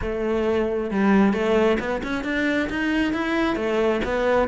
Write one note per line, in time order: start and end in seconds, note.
0.01 0.90 A3
0.90 1.33 G3
1.33 1.77 A3
1.79 2.01 B3
2.03 2.24 C#4
2.24 2.69 D4
2.69 3.13 D#4
3.13 3.56 E4
3.56 4.01 A3
4.04 4.48 B3